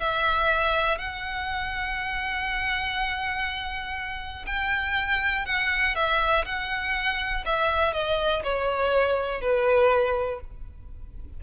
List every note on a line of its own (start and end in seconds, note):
0.00 0.98 E5
0.98 4.45 F#5
4.46 5.45 G5
5.46 5.95 F#5
5.95 6.45 E5
6.46 7.45 F#5
7.46 7.93 E5
7.93 8.43 D#5
8.44 9.41 C#5
9.41 10.40 B4